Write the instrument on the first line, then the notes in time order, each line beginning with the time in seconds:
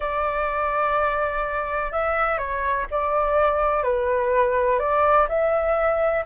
flute
0.00 D5
1.92 E5
2.38 C#5
2.91 D5
3.83 B4
4.79 D5
5.28 E5